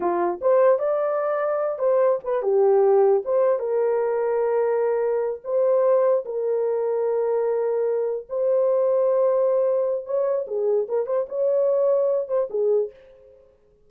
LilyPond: \new Staff \with { instrumentName = "horn" } { \time 4/4 \tempo 4 = 149 f'4 c''4 d''2~ | d''8 c''4 b'8 g'2 | c''4 ais'2.~ | ais'4. c''2 ais'8~ |
ais'1~ | ais'8 c''2.~ c''8~ | c''4 cis''4 gis'4 ais'8 c''8 | cis''2~ cis''8 c''8 gis'4 | }